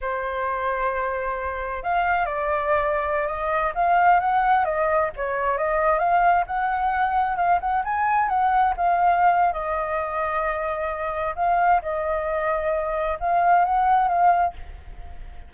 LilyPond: \new Staff \with { instrumentName = "flute" } { \time 4/4 \tempo 4 = 132 c''1 | f''4 d''2~ d''16 dis''8.~ | dis''16 f''4 fis''4 dis''4 cis''8.~ | cis''16 dis''4 f''4 fis''4.~ fis''16~ |
fis''16 f''8 fis''8 gis''4 fis''4 f''8.~ | f''4 dis''2.~ | dis''4 f''4 dis''2~ | dis''4 f''4 fis''4 f''4 | }